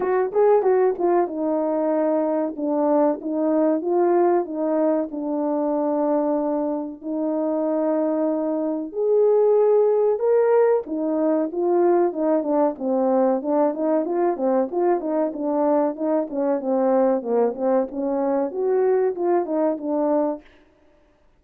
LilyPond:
\new Staff \with { instrumentName = "horn" } { \time 4/4 \tempo 4 = 94 fis'8 gis'8 fis'8 f'8 dis'2 | d'4 dis'4 f'4 dis'4 | d'2. dis'4~ | dis'2 gis'2 |
ais'4 dis'4 f'4 dis'8 d'8 | c'4 d'8 dis'8 f'8 c'8 f'8 dis'8 | d'4 dis'8 cis'8 c'4 ais8 c'8 | cis'4 fis'4 f'8 dis'8 d'4 | }